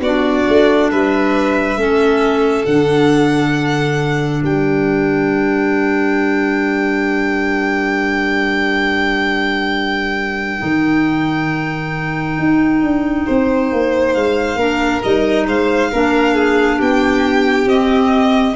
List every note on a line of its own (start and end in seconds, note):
0.00 0.44 B3
0.00 1.77 D4
0.00 0.90 F#4
0.00 0.90 D5
0.48 0.92 A3
0.91 1.76 G3
0.91 1.80 B4
0.91 2.65 E5
1.76 2.65 A3
1.76 2.65 C#4
1.76 4.43 A4
2.65 4.42 D3
2.65 10.59 D4
2.65 4.42 F#5
4.43 10.60 G3
4.43 13.25 A#4
4.43 14.13 G5
10.59 12.39 D#3
10.59 14.56 D#4
12.39 12.82 D#4
12.82 13.26 D4
13.26 13.72 C4
13.26 14.58 C5
13.72 14.15 A#3
14.13 14.55 G#3
14.13 15.01 F5
14.55 14.99 A#3
14.55 15.02 D4
14.55 15.46 A#4
15.02 15.47 G3
15.02 15.92 D#4
15.02 15.47 D#5
15.47 15.91 G#3
15.47 15.91 C5
15.47 16.80 F5
15.91 16.81 A#3
15.91 17.68 D4
15.91 16.35 A#4
16.35 16.78 G#4
16.78 17.66 B3
16.78 18.54 G4
16.78 17.68 G5
17.66 18.54 C4
17.66 18.55 C4
17.66 18.55 D#5